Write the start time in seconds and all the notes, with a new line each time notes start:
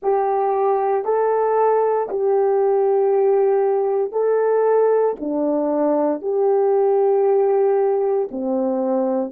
0.02 G4
1.04 A4
2.09 G4
4.11 A4
5.20 D4
6.21 G4
8.30 C4